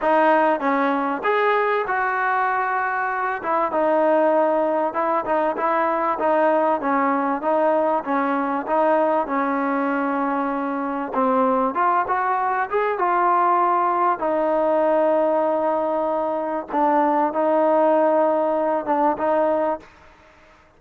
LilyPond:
\new Staff \with { instrumentName = "trombone" } { \time 4/4 \tempo 4 = 97 dis'4 cis'4 gis'4 fis'4~ | fis'4. e'8 dis'2 | e'8 dis'8 e'4 dis'4 cis'4 | dis'4 cis'4 dis'4 cis'4~ |
cis'2 c'4 f'8 fis'8~ | fis'8 gis'8 f'2 dis'4~ | dis'2. d'4 | dis'2~ dis'8 d'8 dis'4 | }